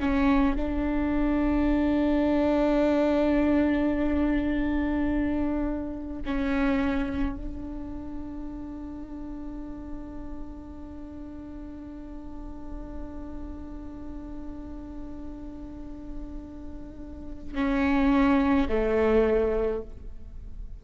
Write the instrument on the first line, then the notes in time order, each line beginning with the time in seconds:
viola
0.00 C#4
0.56 D4
6.25 C#4
7.36 D4
17.55 C#4
18.69 A3